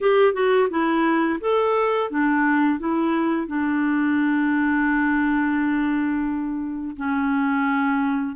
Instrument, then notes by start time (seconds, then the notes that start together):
clarinet
0.00 G4
0.33 F#4
0.69 E4
1.40 A4
2.10 D4
2.79 E4
3.47 D4
6.96 C#4